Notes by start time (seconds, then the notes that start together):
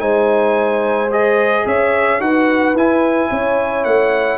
0.00 G#3 D#4 C5 G#5
1.11 G#4 D#5
1.66 C#4 C#5 E5
2.20 D#4 F#4 B4 F#5
2.75 E4 G#5
3.30 C#4 C#5
3.85 A3 F#5